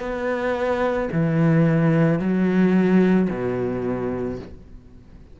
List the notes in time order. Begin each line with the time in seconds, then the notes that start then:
0.00 B3
1.12 E3
2.20 F#3
3.30 B2